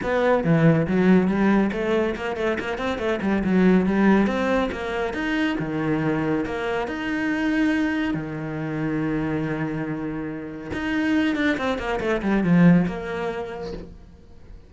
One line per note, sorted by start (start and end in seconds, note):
0.02 0.44 B3
0.44 0.86 E3
0.87 1.27 F#3
1.27 1.70 G3
1.72 2.15 A3
2.15 2.36 A#3
2.36 2.57 A3
2.59 2.78 A#3
2.78 2.98 C4
2.98 3.19 A3
3.21 3.43 G3
3.43 3.86 F#3
3.86 4.26 G3
4.26 4.69 C4
4.71 5.13 A#3
5.13 5.56 D#4
5.59 6.45 D#3
6.45 6.87 A#3
6.87 8.14 D#4
8.14 10.71 D#3
10.72 11.35 D#4
11.35 11.57 D4
11.57 11.78 C4
11.78 11.99 A#3
12.00 12.21 A3
12.22 12.43 G3
12.43 12.86 F3
12.87 13.73 A#3